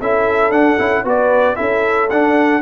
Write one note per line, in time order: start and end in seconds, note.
0.00 0.50 C#4
0.00 0.52 E4
0.00 1.05 A4
0.00 0.51 E5
0.50 0.76 D4
0.50 0.78 D4
0.50 1.04 F#5
0.78 1.04 C#4
0.78 1.04 E4
1.04 1.57 B3
1.04 1.56 F#4
1.04 1.56 B4
1.04 1.56 D5
1.56 2.12 C#4
1.56 2.08 E4
1.56 2.61 A4
1.56 2.08 E5
2.10 2.62 D4
2.10 2.62 F#5